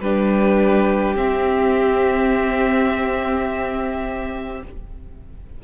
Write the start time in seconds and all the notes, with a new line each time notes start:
0.00 G3 D4 G4 B4
1.15 C4 E5